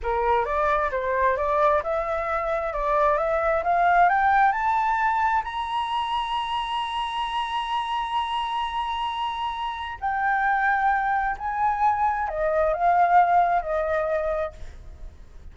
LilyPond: \new Staff \with { instrumentName = "flute" } { \time 4/4 \tempo 4 = 132 ais'4 d''4 c''4 d''4 | e''2 d''4 e''4 | f''4 g''4 a''2 | ais''1~ |
ais''1~ | ais''2 g''2~ | g''4 gis''2 dis''4 | f''2 dis''2 | }